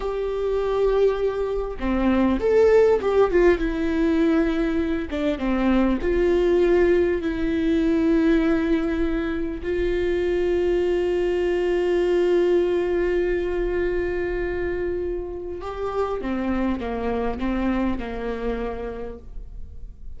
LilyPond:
\new Staff \with { instrumentName = "viola" } { \time 4/4 \tempo 4 = 100 g'2. c'4 | a'4 g'8 f'8 e'2~ | e'8 d'8 c'4 f'2 | e'1 |
f'1~ | f'1~ | f'2 g'4 c'4 | ais4 c'4 ais2 | }